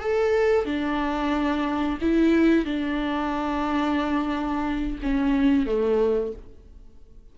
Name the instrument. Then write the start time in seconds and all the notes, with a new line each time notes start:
viola
0.00 A4
0.66 D4
2.02 E4
2.66 D4
5.03 C#4
5.66 A3